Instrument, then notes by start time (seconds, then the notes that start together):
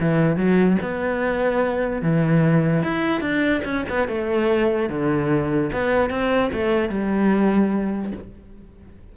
cello
0.00 E3
0.37 F#3
0.82 B3
2.02 E3
2.83 E4
3.21 D4
3.64 C#4
3.89 B3
4.08 A3
4.89 D3
5.73 B3
6.10 C4
6.53 A3
6.89 G3